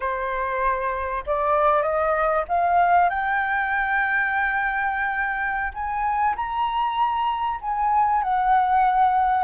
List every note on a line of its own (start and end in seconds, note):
0.00 1.24 C5
1.26 1.82 D5
1.82 2.44 D#5
2.48 3.09 F5
3.09 5.72 G5
5.74 6.35 G#5
6.35 7.59 A#5
7.61 8.22 G#5
8.22 9.44 F#5